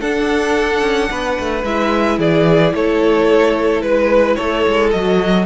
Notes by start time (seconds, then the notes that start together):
0.00 D4 A4 F#5
0.81 C#4
1.11 B3 B4
1.39 A3
1.63 G#3 E4 E5
2.18 E3 G#4 D5
2.74 A3 A4 C#5
3.81 G#3 B4
4.35 A3 A4 C#5
4.66 G#3
4.91 F#3 F#4 D#5